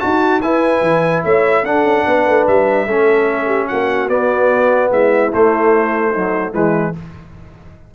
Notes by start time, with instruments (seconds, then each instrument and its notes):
0.00 tuba D#4, trombone F#4, horn F#4, trumpet A5
0.42 tuba E4, trombone E4, horn B4, trumpet G#5
0.82 tuba E3
1.24 tuba A3, horn C#5, trumpet E5
1.64 tuba D4, trombone D4, horn A4, trumpet F#5
1.84 tuba C#4
2.06 tuba B3, horn B4
2.27 tuba A3
2.48 tuba G3, trumpet E5
2.87 tuba A3, trombone C#4, horn A4
3.46 horn G4
3.68 tuba A#3, horn F#4, trumpet F#5
4.10 tuba B3, trombone B3, trumpet D5
4.91 tuba G#3, horn E4, trumpet E5
5.33 trombone A3, tuba A3, trumpet C5
6.11 trombone F#3, horn D#4
6.53 tuba E3, trombone G#3, horn E4, trumpet B4